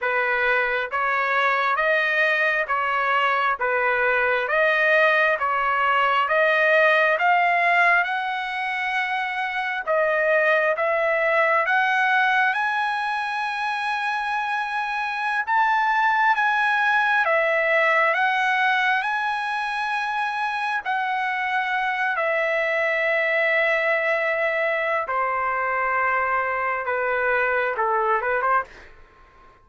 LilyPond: \new Staff \with { instrumentName = "trumpet" } { \time 4/4 \tempo 4 = 67 b'4 cis''4 dis''4 cis''4 | b'4 dis''4 cis''4 dis''4 | f''4 fis''2 dis''4 | e''4 fis''4 gis''2~ |
gis''4~ gis''16 a''4 gis''4 e''8.~ | e''16 fis''4 gis''2 fis''8.~ | fis''8. e''2.~ e''16 | c''2 b'4 a'8 b'16 c''16 | }